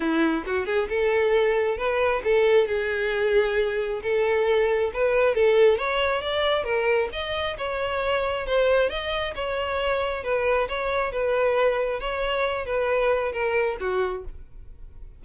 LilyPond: \new Staff \with { instrumentName = "violin" } { \time 4/4 \tempo 4 = 135 e'4 fis'8 gis'8 a'2 | b'4 a'4 gis'2~ | gis'4 a'2 b'4 | a'4 cis''4 d''4 ais'4 |
dis''4 cis''2 c''4 | dis''4 cis''2 b'4 | cis''4 b'2 cis''4~ | cis''8 b'4. ais'4 fis'4 | }